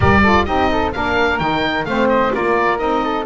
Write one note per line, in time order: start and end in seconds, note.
0.00 0.47 G3
0.00 0.23 G4
0.00 0.21 A#4
0.00 0.45 D5
0.22 0.46 F4
0.22 0.45 A4
0.45 0.94 C4
0.45 0.92 D#4
0.45 0.70 G4
0.45 0.91 D#5
0.71 0.94 A4
0.92 1.40 A#3
0.92 1.39 D4
0.92 1.87 A#4
0.92 1.38 F5
1.38 1.85 D#3
1.38 1.86 D#4
1.38 1.84 G5
1.84 2.31 A3
1.84 2.32 C4
1.84 2.33 C5
1.84 2.08 F5
2.09 2.32 D#5
2.32 2.80 A#3
2.32 2.77 F4
2.32 3.03 A#4
2.32 2.78 D5
2.77 3.25 C4
2.77 3.24 D#4
2.77 3.25 D#5
3.03 3.25 A4